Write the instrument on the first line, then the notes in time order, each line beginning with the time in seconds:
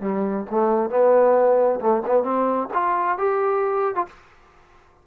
trombone
0.00 G3
0.50 A3
0.90 B3
1.80 A3
2.06 B3
2.23 C4
2.73 F4
3.18 G4
3.95 F4